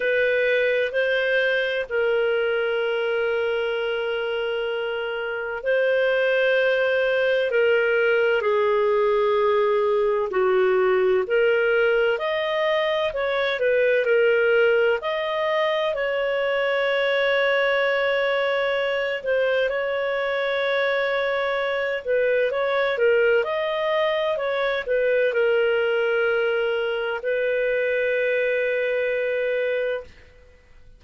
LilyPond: \new Staff \with { instrumentName = "clarinet" } { \time 4/4 \tempo 4 = 64 b'4 c''4 ais'2~ | ais'2 c''2 | ais'4 gis'2 fis'4 | ais'4 dis''4 cis''8 b'8 ais'4 |
dis''4 cis''2.~ | cis''8 c''8 cis''2~ cis''8 b'8 | cis''8 ais'8 dis''4 cis''8 b'8 ais'4~ | ais'4 b'2. | }